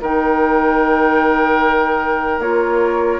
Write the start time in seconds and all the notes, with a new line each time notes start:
0.00 D#3 D#4 A#4 G5
2.38 A#3 F4 C#5